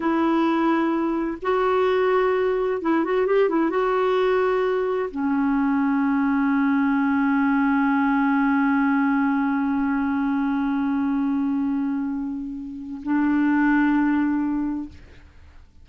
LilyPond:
\new Staff \with { instrumentName = "clarinet" } { \time 4/4 \tempo 4 = 129 e'2. fis'4~ | fis'2 e'8 fis'8 g'8 e'8 | fis'2. cis'4~ | cis'1~ |
cis'1~ | cis'1~ | cis'1 | d'1 | }